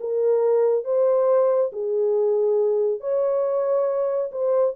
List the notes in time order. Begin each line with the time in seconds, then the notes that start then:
0.00 A#4
0.84 C5
1.72 G#4
3.01 C#5
4.31 C5